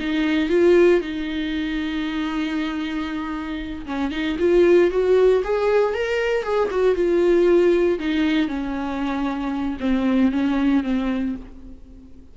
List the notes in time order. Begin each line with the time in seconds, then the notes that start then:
0.00 D#4
0.50 F4
1.01 D#4
3.86 C#4
4.11 D#4
4.39 F4
4.91 F#4
5.44 G#4
5.94 A#4
6.43 G#4
6.71 F#4
6.95 F4
7.99 D#4
8.48 C#4
9.80 C4
10.32 C#4
10.84 C4